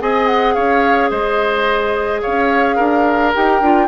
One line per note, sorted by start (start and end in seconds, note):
0.00 0.57 C4
0.00 3.33 G#4
0.00 0.55 D#5
0.00 0.27 G#5
0.27 0.55 F#5
0.55 1.12 C#4
0.55 1.11 C#5
0.55 1.10 F5
1.11 2.23 G#3
1.11 2.22 C5
1.11 2.22 D#5
2.22 2.79 C#4
2.22 2.76 C#5
2.22 3.33 F5
2.76 3.35 D4
2.76 3.87 A#4
3.35 3.61 D#4
3.35 3.63 G4
3.35 3.88 G5
3.61 3.88 D4
3.61 3.88 F4